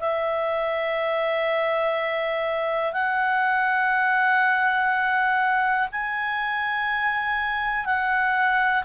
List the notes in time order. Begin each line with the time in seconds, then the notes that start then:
0.00 E5
2.93 F#5
5.92 G#5
7.86 F#5